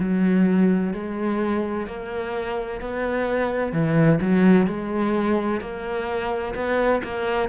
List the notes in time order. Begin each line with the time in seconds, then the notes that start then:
0.00 F#3
0.94 G#3
1.87 A#3
2.81 B3
3.73 E3
4.21 F#3
4.67 G#3
5.61 A#3
6.55 B3
7.04 A#3